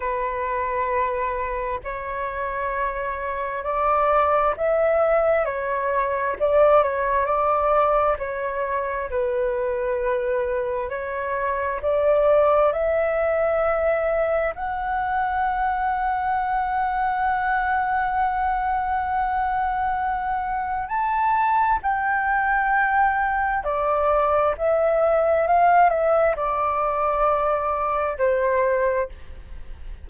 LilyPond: \new Staff \with { instrumentName = "flute" } { \time 4/4 \tempo 4 = 66 b'2 cis''2 | d''4 e''4 cis''4 d''8 cis''8 | d''4 cis''4 b'2 | cis''4 d''4 e''2 |
fis''1~ | fis''2. a''4 | g''2 d''4 e''4 | f''8 e''8 d''2 c''4 | }